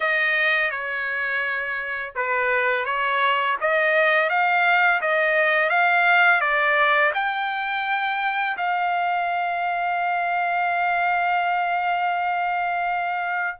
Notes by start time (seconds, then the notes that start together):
0.00 D#5
0.70 C#5
2.15 B4
2.85 C#5
3.60 D#5
4.29 F5
5.01 D#5
5.69 F5
6.40 D5
7.14 G5
8.57 F5